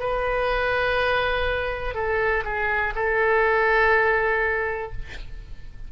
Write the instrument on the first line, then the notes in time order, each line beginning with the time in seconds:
oboe
0.00 B4
1.94 A4
2.45 G#4
2.96 A4